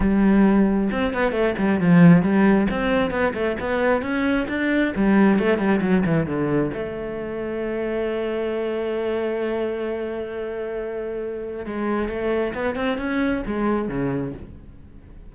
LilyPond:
\new Staff \with { instrumentName = "cello" } { \time 4/4 \tempo 4 = 134 g2 c'8 b8 a8 g8 | f4 g4 c'4 b8 a8 | b4 cis'4 d'4 g4 | a8 g8 fis8 e8 d4 a4~ |
a1~ | a1~ | a2 gis4 a4 | b8 c'8 cis'4 gis4 cis4 | }